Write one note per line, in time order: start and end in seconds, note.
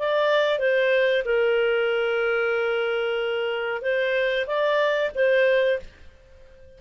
0.00 0.59 D5
0.59 1.24 C5
1.26 3.82 A#4
3.82 4.47 C5
4.47 5.12 D5
5.15 5.80 C5